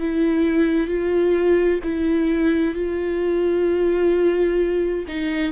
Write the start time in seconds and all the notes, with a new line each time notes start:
0.00 E4
0.88 F4
1.84 E4
2.75 F4
5.08 D#4